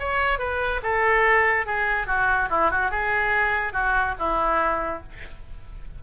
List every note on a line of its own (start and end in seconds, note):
0.00 0.39 C#5
0.39 0.81 B4
0.83 1.66 A4
1.66 2.07 G#4
2.07 2.49 F#4
2.50 2.71 E4
2.71 2.91 F#4
2.91 3.73 G#4
3.73 4.15 F#4
4.19 5.03 E4